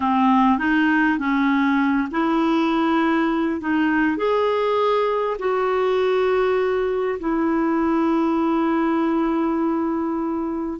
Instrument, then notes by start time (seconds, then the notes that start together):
clarinet
0.00 C4
0.58 D#4
1.18 C#4
2.11 E4
3.60 D#4
4.17 G#4
5.38 F#4
7.19 E4